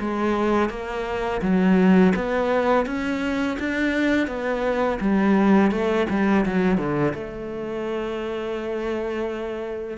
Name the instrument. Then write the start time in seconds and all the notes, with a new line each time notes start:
cello
0.00 G#3
0.70 A#3
1.42 F#3
2.16 B3
2.86 C#4
3.59 D4
4.28 B3
5.01 G3
5.71 A3
6.10 G3
6.46 F#3
6.78 D3
7.14 A3